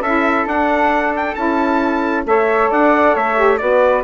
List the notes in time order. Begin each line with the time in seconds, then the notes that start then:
0.00 C#4 E4 A4 E5
0.45 D4 F#5
1.16 G5
1.35 C#4 E4 A5
2.25 A3 A4 C#5 E5
2.70 D4 D5 F#5
3.14 A3 C#5 E5
3.35 G4
3.57 B3 F#4 B4 D5